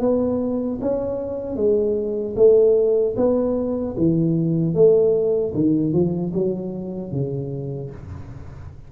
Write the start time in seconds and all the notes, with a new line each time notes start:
0.00 B3
0.81 C#4
1.56 G#3
2.36 A3
3.16 B3
3.97 E3
4.74 A3
5.54 D#3
5.93 F3
6.33 F#3
7.12 C#3